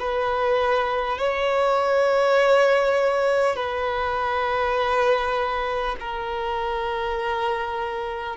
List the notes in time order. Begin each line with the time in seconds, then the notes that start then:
0.00 B4
1.19 C#5
3.56 B4
6.01 A#4